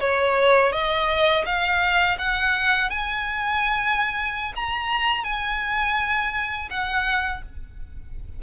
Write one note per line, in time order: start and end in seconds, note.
0.00 0.72 C#5
0.72 1.45 D#5
1.45 2.18 F5
2.18 2.90 F#5
2.90 4.53 G#5
4.55 5.24 A#5
5.24 6.69 G#5
6.70 7.43 F#5